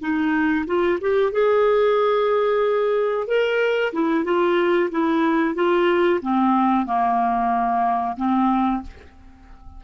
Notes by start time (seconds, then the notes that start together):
0.00 D#4
0.66 F4
1.00 G4
1.32 G#4
3.27 A#4
3.93 E4
4.25 F4
4.91 E4
5.55 F4
6.21 C4
6.86 A#3
8.17 C4